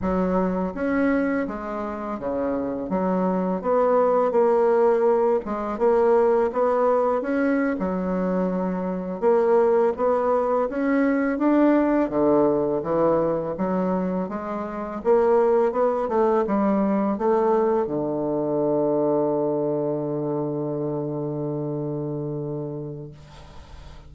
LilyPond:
\new Staff \with { instrumentName = "bassoon" } { \time 4/4 \tempo 4 = 83 fis4 cis'4 gis4 cis4 | fis4 b4 ais4. gis8 | ais4 b4 cis'8. fis4~ fis16~ | fis8. ais4 b4 cis'4 d'16~ |
d'8. d4 e4 fis4 gis16~ | gis8. ais4 b8 a8 g4 a16~ | a8. d2.~ d16~ | d1 | }